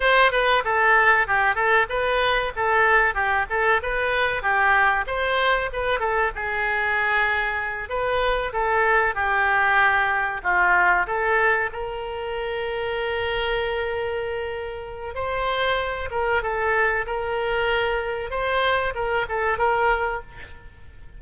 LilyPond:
\new Staff \with { instrumentName = "oboe" } { \time 4/4 \tempo 4 = 95 c''8 b'8 a'4 g'8 a'8 b'4 | a'4 g'8 a'8 b'4 g'4 | c''4 b'8 a'8 gis'2~ | gis'8 b'4 a'4 g'4.~ |
g'8 f'4 a'4 ais'4.~ | ais'1 | c''4. ais'8 a'4 ais'4~ | ais'4 c''4 ais'8 a'8 ais'4 | }